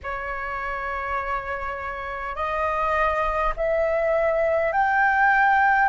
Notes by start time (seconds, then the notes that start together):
0.03 C#5
2.35 D#5
3.56 E5
4.72 G5